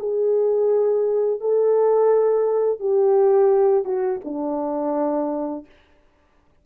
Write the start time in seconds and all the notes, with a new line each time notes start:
0.00 G#4
1.41 A4
2.80 G4
3.85 F#4
4.25 D4